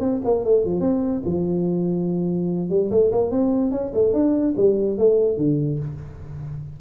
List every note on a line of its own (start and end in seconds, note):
0.00 0.21 C4
0.25 0.44 A#3
0.44 0.65 A3
0.65 0.81 F3
0.81 1.22 C4
1.25 2.70 F3
2.70 2.90 G3
2.91 3.11 A3
3.12 3.31 A#3
3.31 3.71 C4
3.71 3.92 C#4
3.94 4.13 A3
4.13 4.55 D4
4.57 4.98 G3
4.98 5.37 A3
5.37 5.79 D3